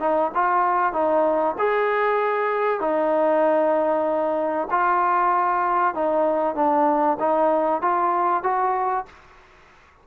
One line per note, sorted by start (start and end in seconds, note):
0.00 0.31 D#4
0.35 0.93 F4
0.93 1.56 D#4
1.59 2.80 G#4
2.80 4.68 D#4
4.71 5.95 F4
5.95 6.55 D#4
6.55 7.18 D4
7.20 7.82 D#4
7.82 8.43 F4
8.43 9.06 F#4